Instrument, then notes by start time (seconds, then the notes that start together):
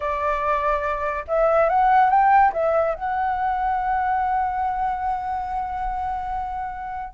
flute
0.00 D5
1.27 E5
1.69 F#5
2.10 G5
2.52 E5
2.94 F#5